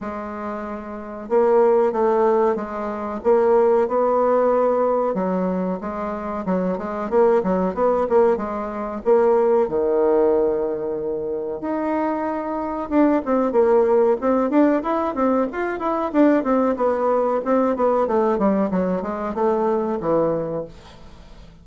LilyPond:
\new Staff \with { instrumentName = "bassoon" } { \time 4/4 \tempo 4 = 93 gis2 ais4 a4 | gis4 ais4 b2 | fis4 gis4 fis8 gis8 ais8 fis8 | b8 ais8 gis4 ais4 dis4~ |
dis2 dis'2 | d'8 c'8 ais4 c'8 d'8 e'8 c'8 | f'8 e'8 d'8 c'8 b4 c'8 b8 | a8 g8 fis8 gis8 a4 e4 | }